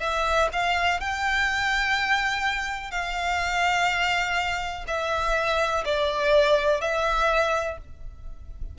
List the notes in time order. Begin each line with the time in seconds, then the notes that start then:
0.00 E5
0.52 F5
1.00 G5
2.91 F5
4.87 E5
5.85 D5
6.81 E5